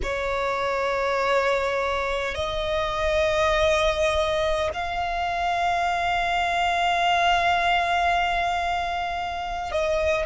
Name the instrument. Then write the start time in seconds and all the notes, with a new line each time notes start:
violin
0.02 C#5
2.34 D#5
4.73 F5
9.71 D#5